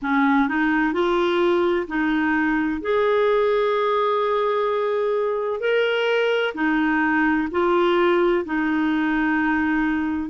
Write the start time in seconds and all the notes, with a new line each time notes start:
0.02 C#4
0.48 D#4
0.93 F4
1.87 D#4
2.81 G#4
5.60 A#4
6.54 D#4
7.51 F4
8.45 D#4